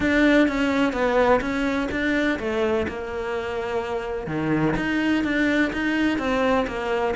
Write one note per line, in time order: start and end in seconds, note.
0.00 0.47 D4
0.47 0.92 C#4
0.92 1.40 B3
1.40 1.88 C#4
1.91 2.38 D4
2.39 2.86 A3
2.88 4.27 A#3
4.27 4.74 D#3
4.76 5.23 D#4
5.23 5.71 D4
5.73 6.18 D#4
6.18 6.65 C4
6.67 7.15 A#3